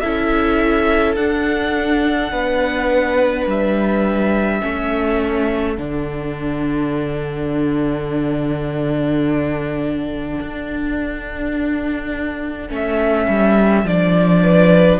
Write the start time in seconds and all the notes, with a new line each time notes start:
0.00 C#4 E4 A4 E5
1.16 D4 F#5
2.32 B3 B4
3.46 G3 E5
4.60 A3 C#4 A4
5.77 D3 D4 F#5
10.40 D4
12.69 A3 C#4
12.75 E5
13.28 G3
13.83 F3 D4 D5
14.43 B4